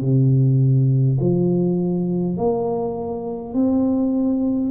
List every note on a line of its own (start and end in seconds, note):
0.00 1.18 C3
1.20 2.37 F3
2.37 3.53 A#3
3.53 4.70 C4